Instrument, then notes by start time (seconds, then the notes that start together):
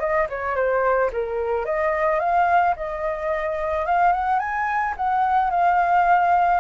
flute
0.00 D#5
0.30 C#5
0.56 C5
1.13 A#4
1.66 D#5
2.20 F5
2.77 D#5
3.86 F5
4.13 F#5
4.40 G#5
4.97 F#5
5.51 F5